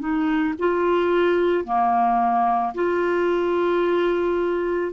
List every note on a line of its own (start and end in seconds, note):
0.00 0.55 D#4
0.59 1.65 F4
1.65 2.74 A#3
2.75 4.93 F4